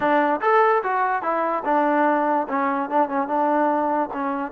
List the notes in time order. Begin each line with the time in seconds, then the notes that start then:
0.00 D4
0.41 A4
0.83 F#4
1.22 E4
1.65 D4
2.48 C#4
2.89 D4
3.09 C#4
3.27 D4
4.13 C#4